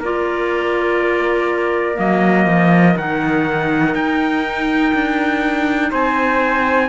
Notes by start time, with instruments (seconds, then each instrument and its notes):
0.00 cello A#3, clarinet F4, trumpet A#4 D5
1.95 cello F#3, clarinet A#3, trumpet D#5
2.47 cello F3
2.97 cello D#3, clarinet D#4, trumpet F#5
3.95 cello D#4, trumpet G5
4.94 cello D4
5.91 cello C4, trumpet C5 G#5